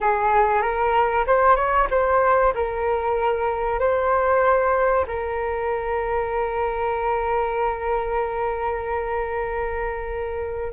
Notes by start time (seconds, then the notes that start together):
0.00 G#4
0.62 A#4
1.26 C5
1.56 C#5
1.90 C5
2.54 A#4
3.79 C5
5.07 A#4